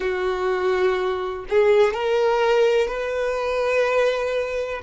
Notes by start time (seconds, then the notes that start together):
0.00 F#4
1.49 G#4
1.94 A#4
2.87 B4